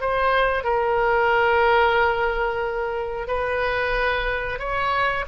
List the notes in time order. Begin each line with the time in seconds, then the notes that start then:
0.00 C5
0.64 A#4
3.27 B4
4.59 C#5